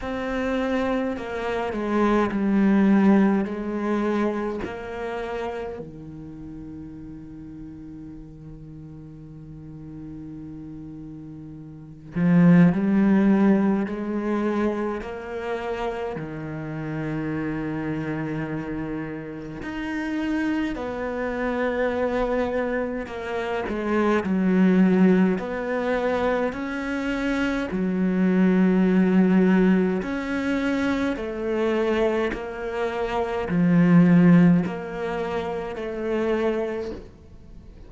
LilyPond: \new Staff \with { instrumentName = "cello" } { \time 4/4 \tempo 4 = 52 c'4 ais8 gis8 g4 gis4 | ais4 dis2.~ | dis2~ dis8 f8 g4 | gis4 ais4 dis2~ |
dis4 dis'4 b2 | ais8 gis8 fis4 b4 cis'4 | fis2 cis'4 a4 | ais4 f4 ais4 a4 | }